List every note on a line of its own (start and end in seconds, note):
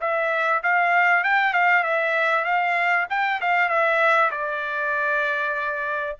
0.00 0.62 E5
0.63 1.23 F5
1.23 1.53 G5
1.53 1.83 F5
1.83 2.44 E5
2.44 3.06 F5
3.10 3.40 G5
3.41 3.69 F5
3.69 4.30 E5
4.31 6.16 D5